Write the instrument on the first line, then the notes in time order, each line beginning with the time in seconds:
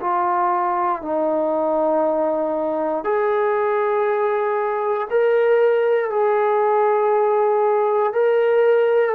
trombone
0.00 F4
1.01 D#4
3.04 G#4
5.10 A#4
6.10 G#4
8.13 A#4